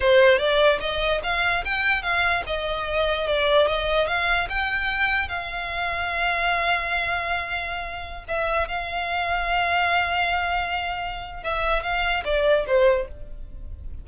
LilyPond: \new Staff \with { instrumentName = "violin" } { \time 4/4 \tempo 4 = 147 c''4 d''4 dis''4 f''4 | g''4 f''4 dis''2 | d''4 dis''4 f''4 g''4~ | g''4 f''2.~ |
f''1~ | f''16 e''4 f''2~ f''8.~ | f''1 | e''4 f''4 d''4 c''4 | }